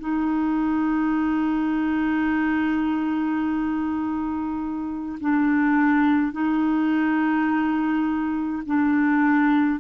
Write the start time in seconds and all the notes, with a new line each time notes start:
0.00 D#4
5.21 D4
6.33 D#4
8.66 D4